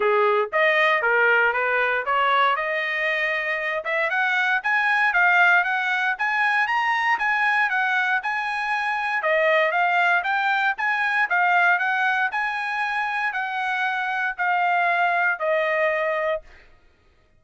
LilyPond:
\new Staff \with { instrumentName = "trumpet" } { \time 4/4 \tempo 4 = 117 gis'4 dis''4 ais'4 b'4 | cis''4 dis''2~ dis''8 e''8 | fis''4 gis''4 f''4 fis''4 | gis''4 ais''4 gis''4 fis''4 |
gis''2 dis''4 f''4 | g''4 gis''4 f''4 fis''4 | gis''2 fis''2 | f''2 dis''2 | }